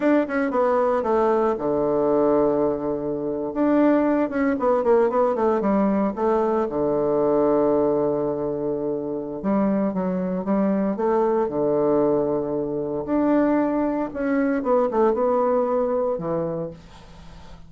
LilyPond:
\new Staff \with { instrumentName = "bassoon" } { \time 4/4 \tempo 4 = 115 d'8 cis'8 b4 a4 d4~ | d2~ d8. d'4~ d'16~ | d'16 cis'8 b8 ais8 b8 a8 g4 a16~ | a8. d2.~ d16~ |
d2 g4 fis4 | g4 a4 d2~ | d4 d'2 cis'4 | b8 a8 b2 e4 | }